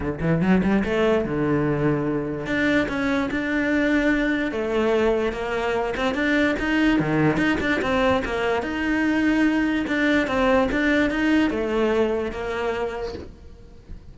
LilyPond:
\new Staff \with { instrumentName = "cello" } { \time 4/4 \tempo 4 = 146 d8 e8 fis8 g8 a4 d4~ | d2 d'4 cis'4 | d'2. a4~ | a4 ais4. c'8 d'4 |
dis'4 dis4 dis'8 d'8 c'4 | ais4 dis'2. | d'4 c'4 d'4 dis'4 | a2 ais2 | }